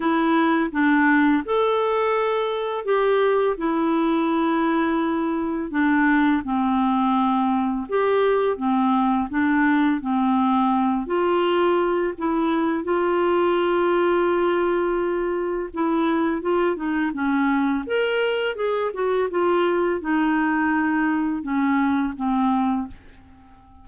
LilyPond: \new Staff \with { instrumentName = "clarinet" } { \time 4/4 \tempo 4 = 84 e'4 d'4 a'2 | g'4 e'2. | d'4 c'2 g'4 | c'4 d'4 c'4. f'8~ |
f'4 e'4 f'2~ | f'2 e'4 f'8 dis'8 | cis'4 ais'4 gis'8 fis'8 f'4 | dis'2 cis'4 c'4 | }